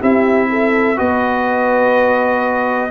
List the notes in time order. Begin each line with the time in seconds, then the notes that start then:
0.00 C4 E4 G4 E5
0.50 A4
0.97 B3 F#4 B4 D#5